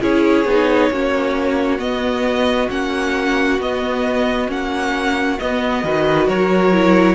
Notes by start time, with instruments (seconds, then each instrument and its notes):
0.00 cello C#4, viola E4, violin G#4 C#5
0.44 cello B3, viola D#4
0.90 cello A#3, viola C#4, violin F#4
1.79 viola B3, cello B3, violin D#5
2.68 cello A#3, viola C#4, violin F#5
3.58 cello B3, viola B3, violin D#5
4.48 cello A#3, viola C#4, violin F#5
5.39 viola B3, cello B3, violin D#5
5.83 cello D#3, viola F#4, violin B4
6.27 cello F#3, violin A#4 C#5
6.72 viola E4